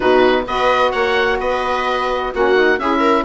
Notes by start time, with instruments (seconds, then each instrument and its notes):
0.00 bassoon B2, saxophone D#4, viola F#4, oboe B4
0.47 bassoon B3, saxophone F#4, viola B4, oboe D#5
0.91 bassoon A#3, viola C#5, oboe F#5
1.39 bassoon B3, viola B4, oboe D#5
2.33 bassoon A#3, saxophone C#4, viola F#4, oboe F#5
2.53 saxophone D#4
2.78 bassoon C#4, saxophone E4, viola G#4, oboe E5
2.99 viola A#4